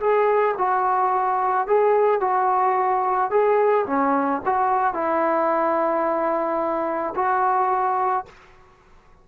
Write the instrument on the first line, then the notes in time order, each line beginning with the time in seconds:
trombone
0.00 G#4
0.58 F#4
1.67 G#4
2.21 F#4
3.30 G#4
3.87 C#4
4.45 F#4
4.94 E4
7.15 F#4